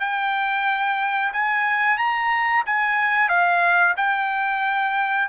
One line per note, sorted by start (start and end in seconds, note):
0.00 1.32 G5
1.33 1.98 G#5
1.98 2.63 A#5
2.66 3.28 G#5
3.28 3.94 F5
3.97 5.28 G5